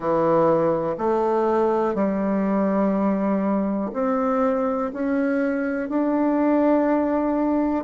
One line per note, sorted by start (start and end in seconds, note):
0.00 0.96 E3
0.98 1.94 A3
1.94 3.91 G3
3.93 4.91 C4
4.93 5.89 C#4
5.89 7.84 D4